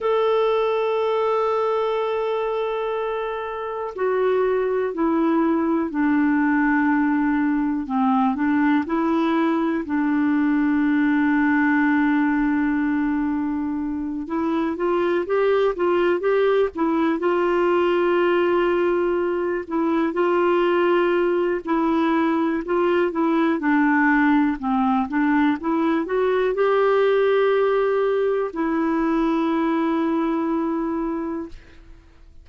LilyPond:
\new Staff \with { instrumentName = "clarinet" } { \time 4/4 \tempo 4 = 61 a'1 | fis'4 e'4 d'2 | c'8 d'8 e'4 d'2~ | d'2~ d'8 e'8 f'8 g'8 |
f'8 g'8 e'8 f'2~ f'8 | e'8 f'4. e'4 f'8 e'8 | d'4 c'8 d'8 e'8 fis'8 g'4~ | g'4 e'2. | }